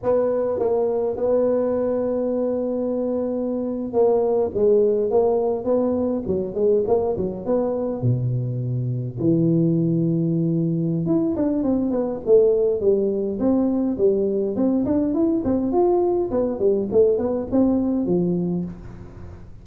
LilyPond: \new Staff \with { instrumentName = "tuba" } { \time 4/4 \tempo 4 = 103 b4 ais4 b2~ | b2~ b8. ais4 gis16~ | gis8. ais4 b4 fis8 gis8 ais16~ | ais16 fis8 b4 b,2 e16~ |
e2. e'8 d'8 | c'8 b8 a4 g4 c'4 | g4 c'8 d'8 e'8 c'8 f'4 | b8 g8 a8 b8 c'4 f4 | }